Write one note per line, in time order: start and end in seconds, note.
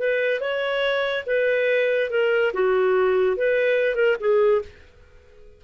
0.00 0.41 B4
0.41 1.25 C#5
1.27 2.11 B4
2.11 2.53 A#4
2.54 3.37 F#4
3.37 3.96 B4
3.96 4.17 A#4
4.20 4.62 G#4